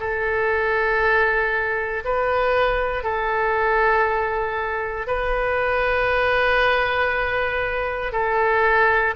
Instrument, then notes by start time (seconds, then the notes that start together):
oboe
0.00 A4
2.04 B4
3.03 A4
5.07 B4
8.12 A4